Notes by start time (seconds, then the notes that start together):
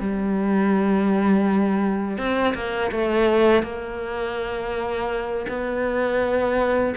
0.00 G3
2.18 C4
2.54 A#3
2.91 A3
3.63 A#3
5.48 B3